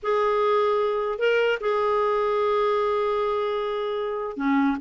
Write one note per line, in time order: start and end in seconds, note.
0.02 1.19 G#4
1.19 1.59 A#4
1.60 4.36 G#4
4.36 4.76 C#4